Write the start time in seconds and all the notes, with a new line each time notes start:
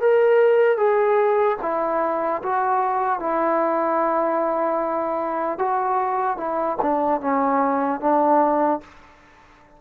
0.00 A#4
0.77 G#4
1.62 E4
2.42 F#4
3.19 E4
5.58 F#4
6.37 E4
6.82 D4
7.20 C#4
8.00 D4